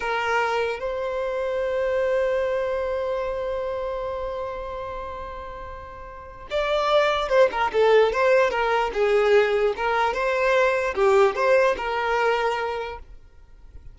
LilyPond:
\new Staff \with { instrumentName = "violin" } { \time 4/4 \tempo 4 = 148 ais'2 c''2~ | c''1~ | c''1~ | c''1 |
d''2 c''8 ais'8 a'4 | c''4 ais'4 gis'2 | ais'4 c''2 g'4 | c''4 ais'2. | }